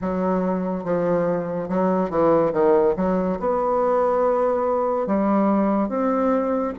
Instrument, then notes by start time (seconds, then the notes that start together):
bassoon
0.01 F#3
0.83 F3
1.68 F#3
2.10 E3
2.52 D#3
2.96 F#3
3.39 B3
5.06 G3
5.88 C4